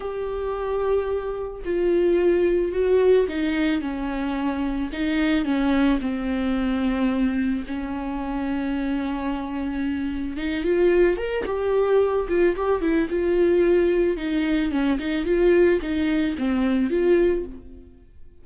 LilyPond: \new Staff \with { instrumentName = "viola" } { \time 4/4 \tempo 4 = 110 g'2. f'4~ | f'4 fis'4 dis'4 cis'4~ | cis'4 dis'4 cis'4 c'4~ | c'2 cis'2~ |
cis'2. dis'8 f'8~ | f'8 ais'8 g'4. f'8 g'8 e'8 | f'2 dis'4 cis'8 dis'8 | f'4 dis'4 c'4 f'4 | }